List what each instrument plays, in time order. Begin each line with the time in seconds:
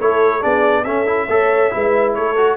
0.00 tuba A3, trombone E4, horn A4, trumpet C#5
0.39 tuba B3, trombone D4, horn G#4, trumpet D5
0.84 tuba C#4, trombone C#4, horn A4, trumpet E5
1.06 trombone E4
1.29 tuba A3, trombone A4, horn C#5
1.71 tuba G#3, trombone E4, horn B4
2.14 tuba A3, horn A4, trumpet C#5
2.36 trombone F#4